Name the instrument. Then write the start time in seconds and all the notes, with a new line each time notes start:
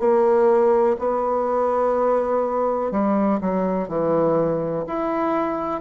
bassoon
0.00 A#3
0.99 B3
2.92 G3
3.41 F#3
3.89 E3
4.88 E4